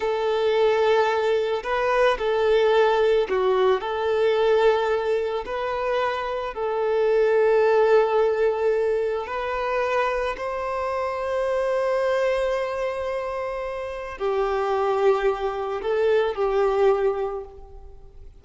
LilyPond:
\new Staff \with { instrumentName = "violin" } { \time 4/4 \tempo 4 = 110 a'2. b'4 | a'2 fis'4 a'4~ | a'2 b'2 | a'1~ |
a'4 b'2 c''4~ | c''1~ | c''2 g'2~ | g'4 a'4 g'2 | }